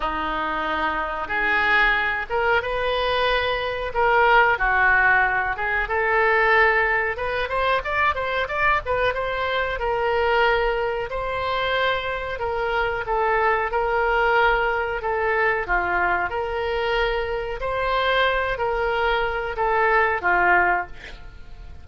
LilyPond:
\new Staff \with { instrumentName = "oboe" } { \time 4/4 \tempo 4 = 92 dis'2 gis'4. ais'8 | b'2 ais'4 fis'4~ | fis'8 gis'8 a'2 b'8 c''8 | d''8 c''8 d''8 b'8 c''4 ais'4~ |
ais'4 c''2 ais'4 | a'4 ais'2 a'4 | f'4 ais'2 c''4~ | c''8 ais'4. a'4 f'4 | }